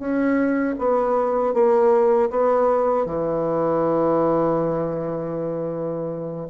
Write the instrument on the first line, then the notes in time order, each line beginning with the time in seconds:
bassoon
0.00 C#4
0.79 B3
1.54 A#3
2.31 B3
3.06 E3